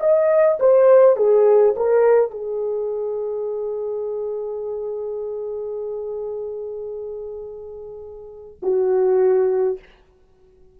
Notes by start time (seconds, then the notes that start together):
0.00 D#5
0.59 C5
1.16 G#4
1.76 A#4
2.31 G#4
8.62 F#4